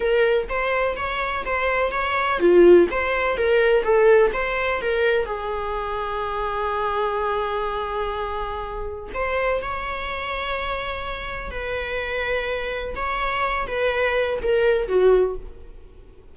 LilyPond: \new Staff \with { instrumentName = "viola" } { \time 4/4 \tempo 4 = 125 ais'4 c''4 cis''4 c''4 | cis''4 f'4 c''4 ais'4 | a'4 c''4 ais'4 gis'4~ | gis'1~ |
gis'2. c''4 | cis''1 | b'2. cis''4~ | cis''8 b'4. ais'4 fis'4 | }